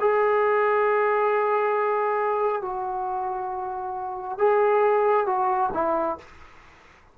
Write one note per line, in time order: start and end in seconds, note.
0.00 2.62 G#4
2.62 4.38 F#4
4.38 5.26 G#4
5.26 5.70 F#4
5.74 6.18 E4